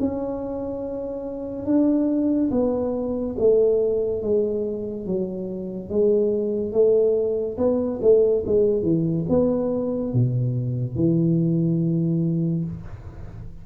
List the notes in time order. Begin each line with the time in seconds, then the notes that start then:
0.00 C#4
1.66 D4
2.52 B3
3.39 A3
4.23 G#3
5.07 F#3
5.90 G#3
6.73 A3
7.58 B3
8.02 A3
8.47 G#3
8.83 E3
9.30 B3
10.14 B2
10.96 E3